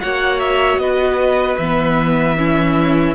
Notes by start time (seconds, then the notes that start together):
0.00 A#3 F#4 C#5 F#5
0.39 E5
0.77 B3 B4 D#5
1.57 E3 B3 E5
2.37 C#4 E4